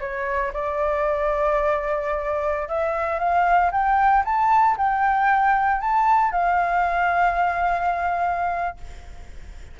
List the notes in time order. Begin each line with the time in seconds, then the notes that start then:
0.00 C#5
0.53 D5
2.68 E5
3.19 F5
3.72 G5
4.25 A5
4.77 G5
5.80 A5
6.31 F5